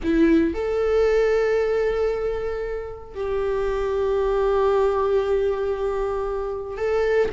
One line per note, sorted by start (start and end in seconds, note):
0.03 0.54 E4
0.54 3.14 A4
3.14 6.77 G4
6.77 7.29 A4